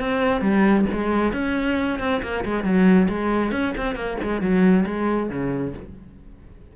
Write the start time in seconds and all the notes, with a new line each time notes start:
0.00 C4
0.42 G3
0.93 G#3
1.33 C#4
2.00 C4
2.23 A#3
2.45 G#3
2.64 F#3
3.09 G#3
3.52 C#4
3.77 C4
3.96 A#3
4.23 G#3
4.42 F#3
4.86 G#3
5.30 C#3